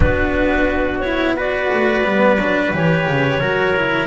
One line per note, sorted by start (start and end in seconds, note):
0.00 1.68 B3
0.00 1.02 D4
0.00 1.36 F#4
0.00 1.00 B4
1.00 1.36 E4
1.00 1.34 C#5
1.36 2.04 F#4
1.36 3.39 B4
1.36 2.75 D5
1.73 2.03 A3
2.03 2.37 G3
2.03 2.38 B3
2.37 2.71 F#3
2.37 2.72 D4
2.72 3.07 E3
2.72 3.40 G4
2.72 4.06 C#5
3.07 3.41 C#3
3.39 4.06 F#3
3.39 3.75 F#4
3.39 4.06 A#4
3.76 4.06 E4